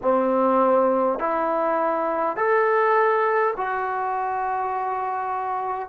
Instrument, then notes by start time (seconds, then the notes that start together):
trombone
0.02 C4
1.19 E4
2.36 A4
3.56 F#4